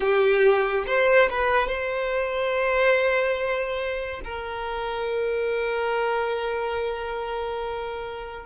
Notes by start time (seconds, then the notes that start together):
0.00 G4
0.86 C5
1.29 B4
1.67 C5
4.24 A#4